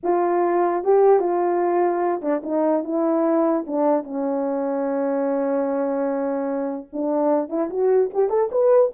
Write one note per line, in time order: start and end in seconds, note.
0.03 0.83 F4
0.83 1.19 G4
1.19 2.21 F4
2.21 2.41 D4
2.43 2.84 D#4
2.84 3.65 E4
3.67 4.03 D4
4.03 6.87 C#4
6.92 7.49 D4
7.49 7.69 E4
7.70 8.10 F#4
8.13 8.29 G4
8.29 8.50 A4
8.51 8.92 B4